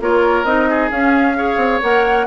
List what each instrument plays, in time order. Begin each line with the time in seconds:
0.00 bassoon A#3, clarinet F4, oboe A#4, flute C#5
0.44 bassoon C4, clarinet D#4, flute D#5
0.69 oboe G#4
0.91 bassoon C#4, clarinet C#4, flute F5
1.36 clarinet G#4, oboe C#5
1.56 bassoon C4
1.82 bassoon A#3, clarinet A#4, flute F#5